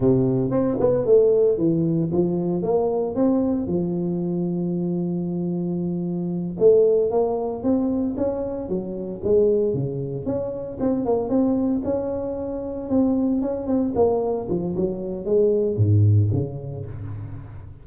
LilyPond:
\new Staff \with { instrumentName = "tuba" } { \time 4/4 \tempo 4 = 114 c4 c'8 b8 a4 e4 | f4 ais4 c'4 f4~ | f1~ | f8 a4 ais4 c'4 cis'8~ |
cis'8 fis4 gis4 cis4 cis'8~ | cis'8 c'8 ais8 c'4 cis'4.~ | cis'8 c'4 cis'8 c'8 ais4 f8 | fis4 gis4 gis,4 cis4 | }